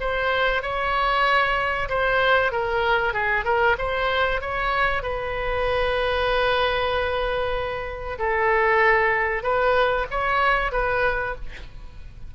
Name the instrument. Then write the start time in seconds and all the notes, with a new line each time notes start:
oboe
0.00 C5
0.62 C#5
1.89 C5
2.51 A#4
3.13 G#4
3.44 A#4
3.78 C5
4.41 C#5
5.02 B4
8.18 A4
9.43 B4
10.10 C#5
10.72 B4